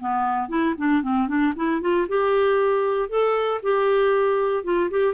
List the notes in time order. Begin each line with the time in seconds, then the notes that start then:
0.00 B3
0.49 E4
0.78 D4
1.02 C4
1.28 D4
1.56 E4
1.81 F4
2.08 G4
3.09 A4
3.63 G4
4.64 F4
4.90 G4